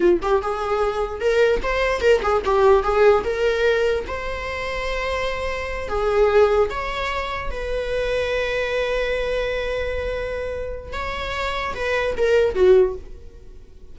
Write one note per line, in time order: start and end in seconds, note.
0.00 0.20 F4
0.22 0.42 G4
0.42 1.20 G#4
1.20 1.60 A#4
1.62 2.00 C5
2.00 2.21 A#4
2.22 2.42 G#4
2.44 2.83 G4
2.83 3.23 G#4
3.23 4.04 A#4
4.07 5.88 C5
5.88 6.69 G#4
6.70 7.50 C#5
7.50 10.93 B4
10.93 11.74 C#5
11.75 12.15 B4
12.17 12.54 A#4
12.54 12.95 F#4